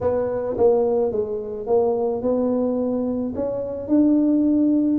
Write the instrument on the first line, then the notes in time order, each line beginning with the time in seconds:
tuba
0.01 B3
0.57 A#3
1.11 G#3
1.66 A#3
2.21 B3
3.35 C#4
3.88 D4